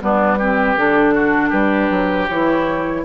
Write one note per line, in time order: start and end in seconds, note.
0.00 0.76 G3
0.00 0.38 B3
0.00 0.38 D4
0.00 0.78 B4
0.38 0.76 C4
0.38 1.14 G4
0.76 1.52 D3
0.76 2.28 D4
0.76 1.50 A4
1.14 1.49 F#4
1.49 1.90 G3
1.49 3.01 G4
1.49 2.26 B4
1.90 2.28 F#3
2.28 3.05 E3
2.28 3.05 E4
2.28 3.04 C#5